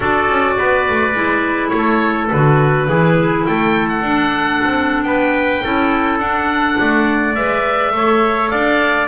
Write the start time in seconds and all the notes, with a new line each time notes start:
0.00 D4 F#4 A4 D5
0.28 C#4
0.58 B3 B4
0.89 A3
1.14 G#3 E4
1.68 A3 C#5
1.77 A4
2.31 D3 F#4 B4
2.88 E3 E4 G#4
3.46 A3 A4 G5
3.88 F#5
4.02 D4
4.64 C4
5.03 B3 B4 G5
5.63 C#4 E4 A4
6.18 D4 F#5
6.79 A3 D5
7.34 G#3 B4 E5
7.91 A3 A4 C#5
8.50 D4 D5 F5